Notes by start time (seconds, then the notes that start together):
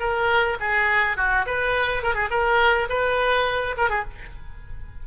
0.00 A#4
0.60 G#4
1.17 F#4
1.46 B4
2.03 A#4
2.14 G#4
2.31 A#4
2.89 B4
3.77 A#4
3.89 G#4